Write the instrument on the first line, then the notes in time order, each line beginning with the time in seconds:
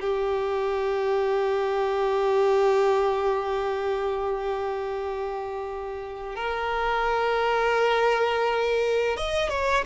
violin
0.00 G4
6.35 A#4
9.16 D#5
9.49 C#5